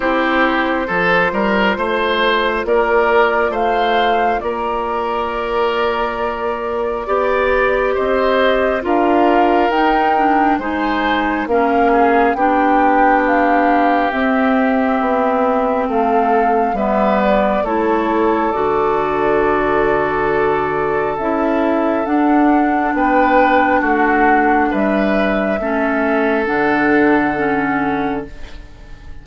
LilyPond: <<
  \new Staff \with { instrumentName = "flute" } { \time 4/4 \tempo 4 = 68 c''2. d''4 | f''4 d''2.~ | d''4 dis''4 f''4 g''4 | gis''4 f''4 g''4 f''4 |
e''2 f''4 e''8 d''8 | cis''4 d''2. | e''4 fis''4 g''4 fis''4 | e''2 fis''2 | }
  \new Staff \with { instrumentName = "oboe" } { \time 4/4 g'4 a'8 ais'8 c''4 ais'4 | c''4 ais'2. | d''4 c''4 ais'2 | c''4 ais'8 gis'8 g'2~ |
g'2 a'4 b'4 | a'1~ | a'2 b'4 fis'4 | b'4 a'2. | }
  \new Staff \with { instrumentName = "clarinet" } { \time 4/4 e'4 f'2.~ | f'1 | g'2 f'4 dis'8 d'8 | dis'4 cis'4 d'2 |
c'2. b4 | e'4 fis'2. | e'4 d'2.~ | d'4 cis'4 d'4 cis'4 | }
  \new Staff \with { instrumentName = "bassoon" } { \time 4/4 c'4 f8 g8 a4 ais4 | a4 ais2. | b4 c'4 d'4 dis'4 | gis4 ais4 b2 |
c'4 b4 a4 g4 | a4 d2. | cis'4 d'4 b4 a4 | g4 a4 d2 | }
>>